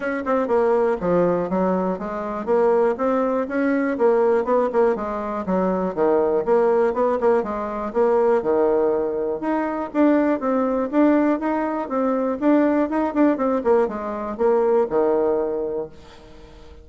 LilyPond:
\new Staff \with { instrumentName = "bassoon" } { \time 4/4 \tempo 4 = 121 cis'8 c'8 ais4 f4 fis4 | gis4 ais4 c'4 cis'4 | ais4 b8 ais8 gis4 fis4 | dis4 ais4 b8 ais8 gis4 |
ais4 dis2 dis'4 | d'4 c'4 d'4 dis'4 | c'4 d'4 dis'8 d'8 c'8 ais8 | gis4 ais4 dis2 | }